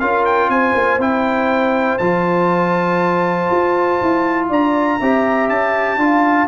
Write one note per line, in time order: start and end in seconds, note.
0.00 0.49 C#4
0.00 1.00 F4
0.00 0.51 A#4
0.00 0.25 F5
0.25 0.50 G5
0.49 0.74 C4
0.49 4.49 C5
0.49 1.00 G#5
0.75 0.98 A#3
0.98 1.98 C4
0.98 2.00 E4
0.98 1.98 G5
1.98 3.50 F3
1.98 5.01 F4
1.98 4.48 A5
3.51 4.01 F4
4.02 4.50 E4
4.49 5.00 D4
4.49 4.99 D5
4.49 5.49 A#5
4.99 5.49 C4
4.99 5.99 G4
4.99 5.99 E5
5.49 5.97 C#4
5.49 6.48 A5
5.97 6.47 D4
5.97 6.48 F4
5.97 6.48 F5